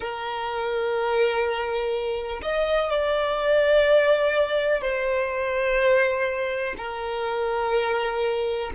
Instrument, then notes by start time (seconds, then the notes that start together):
violin
0.00 A#4
2.42 D#5
2.90 D5
4.81 C5
6.77 A#4